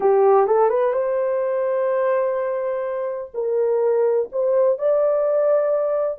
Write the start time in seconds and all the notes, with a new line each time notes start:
0.00 G4
0.46 A4
0.69 B4
0.93 C5
3.34 A#4
4.32 C5
4.78 D5